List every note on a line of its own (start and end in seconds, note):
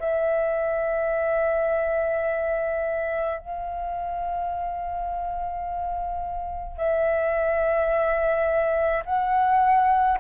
0.00 3.40 E5
3.40 6.77 F5
6.77 9.04 E5
9.06 10.19 F#5